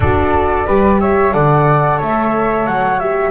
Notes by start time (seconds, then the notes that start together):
0.00 D4 F#4 A4 D5
0.66 G3 G4 B4
0.99 C#5 E5
1.32 D3 A4 D5 F#5
1.97 A3 C#5 E5
2.66 F#3 F#5
2.99 G4 E5